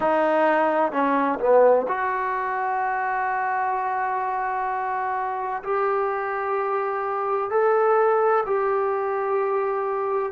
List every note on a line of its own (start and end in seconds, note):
0.00 0.92 D#4
0.92 1.38 C#4
1.39 1.86 B3
1.87 5.62 F#4
5.63 7.50 G4
7.50 8.44 A4
8.45 10.32 G4